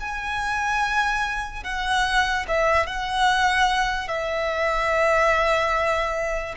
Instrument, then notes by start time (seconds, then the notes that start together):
violin
0.00 G#5
1.64 F#5
2.48 E5
2.87 F#5
4.08 E5